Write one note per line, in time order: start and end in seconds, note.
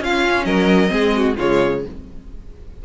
0.00 0.88 C#4
0.00 0.45 C#4
0.00 0.45 F4
0.00 0.45 F5
0.45 0.90 F#3
0.45 0.91 A#4
0.45 1.36 D#5
0.88 1.36 G#3
0.88 1.33 C4
0.88 1.15 G#4
1.16 1.37 F#4
1.37 1.85 C#3
1.37 1.85 G#3
1.37 1.82 F4
1.37 1.84 C#5